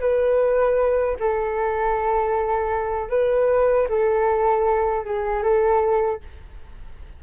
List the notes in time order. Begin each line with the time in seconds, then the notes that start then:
0.00 B4
1.20 A4
3.10 B4
3.89 A4
5.05 G#4
5.43 A4